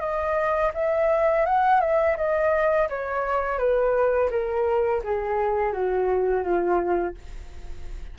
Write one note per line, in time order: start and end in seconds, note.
0.00 0.71 D#5
0.74 1.45 E5
1.45 1.80 F#5
1.80 2.16 E5
2.17 2.88 D#5
2.89 3.58 C#5
3.58 4.30 B4
4.30 5.02 A#4
5.03 5.72 G#4
5.72 6.43 F#4
6.43 7.14 F4